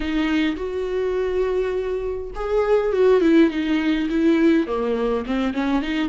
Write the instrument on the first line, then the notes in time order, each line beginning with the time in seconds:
viola
0.00 D#4
0.56 F#4
2.35 G#4
2.93 F#4
3.21 E4
3.50 D#4
4.09 E4
4.66 A#3
5.26 C4
5.53 C#4
5.82 D#4